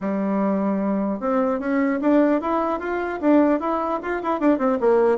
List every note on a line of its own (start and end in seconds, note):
0.01 1.19 G3
1.19 1.59 C4
1.59 1.99 C#4
2.01 2.41 D4
2.41 2.79 E4
2.79 3.19 F4
3.20 3.60 D4
3.60 4.00 E4
4.02 4.22 F4
4.22 4.40 E4
4.40 4.58 D4
4.58 4.78 C4
4.80 5.17 A#3